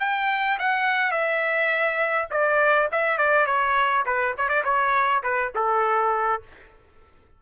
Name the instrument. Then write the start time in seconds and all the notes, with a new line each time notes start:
trumpet
0.00 G5
0.59 F#5
1.11 E5
2.31 D5
2.92 E5
3.18 D5
3.46 C#5
4.06 B4
4.37 C#5
4.49 D5
4.64 C#5
5.23 B4
5.55 A4